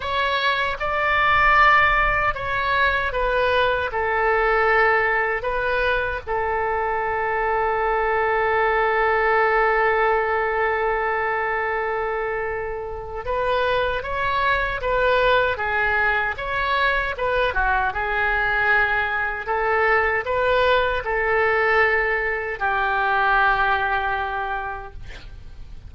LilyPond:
\new Staff \with { instrumentName = "oboe" } { \time 4/4 \tempo 4 = 77 cis''4 d''2 cis''4 | b'4 a'2 b'4 | a'1~ | a'1~ |
a'4 b'4 cis''4 b'4 | gis'4 cis''4 b'8 fis'8 gis'4~ | gis'4 a'4 b'4 a'4~ | a'4 g'2. | }